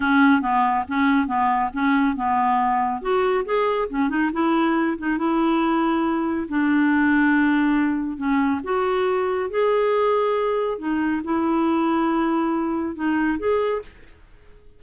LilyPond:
\new Staff \with { instrumentName = "clarinet" } { \time 4/4 \tempo 4 = 139 cis'4 b4 cis'4 b4 | cis'4 b2 fis'4 | gis'4 cis'8 dis'8 e'4. dis'8 | e'2. d'4~ |
d'2. cis'4 | fis'2 gis'2~ | gis'4 dis'4 e'2~ | e'2 dis'4 gis'4 | }